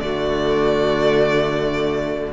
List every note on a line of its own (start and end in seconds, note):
0.00 2.33 D3
0.00 2.33 A3
0.00 2.33 F#4
0.00 2.32 D5